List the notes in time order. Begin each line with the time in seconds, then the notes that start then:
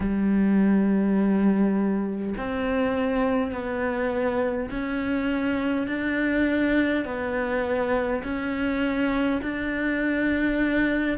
0.00 G3
2.37 C4
3.52 B3
4.70 C#4
5.87 D4
7.04 B3
8.23 C#4
9.41 D4